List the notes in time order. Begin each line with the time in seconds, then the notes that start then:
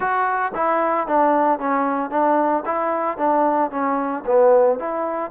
0.00 F#4
0.54 E4
1.07 D4
1.59 C#4
2.10 D4
2.65 E4
3.17 D4
3.70 C#4
4.26 B3
4.79 E4